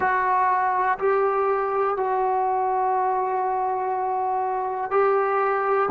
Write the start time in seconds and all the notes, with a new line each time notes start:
0.00 F#4
0.98 G4
1.96 F#4
4.90 G4